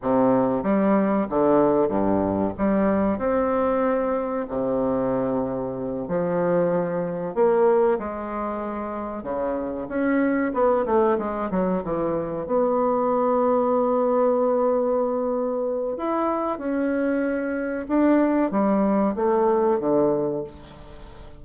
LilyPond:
\new Staff \with { instrumentName = "bassoon" } { \time 4/4 \tempo 4 = 94 c4 g4 d4 g,4 | g4 c'2 c4~ | c4. f2 ais8~ | ais8 gis2 cis4 cis'8~ |
cis'8 b8 a8 gis8 fis8 e4 b8~ | b1~ | b4 e'4 cis'2 | d'4 g4 a4 d4 | }